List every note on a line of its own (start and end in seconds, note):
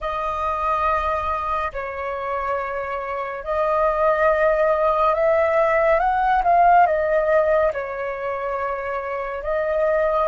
0.00 1.72 D#5
1.73 3.44 C#5
3.44 5.14 D#5
5.14 5.99 E5
5.99 6.42 F#5
6.43 6.86 F5
6.86 7.71 D#5
7.73 9.43 C#5
9.43 10.27 D#5